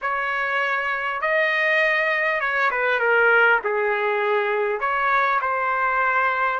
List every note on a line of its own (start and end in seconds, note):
0.01 1.21 C#5
1.21 2.40 D#5
2.40 2.70 C#5
2.70 2.99 B4
2.99 3.59 A#4
3.64 4.80 G#4
4.80 5.40 C#5
5.41 6.59 C5